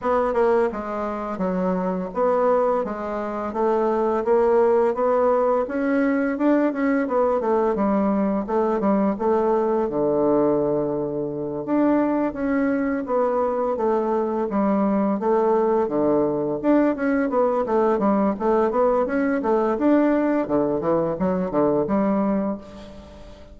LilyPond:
\new Staff \with { instrumentName = "bassoon" } { \time 4/4 \tempo 4 = 85 b8 ais8 gis4 fis4 b4 | gis4 a4 ais4 b4 | cis'4 d'8 cis'8 b8 a8 g4 | a8 g8 a4 d2~ |
d8 d'4 cis'4 b4 a8~ | a8 g4 a4 d4 d'8 | cis'8 b8 a8 g8 a8 b8 cis'8 a8 | d'4 d8 e8 fis8 d8 g4 | }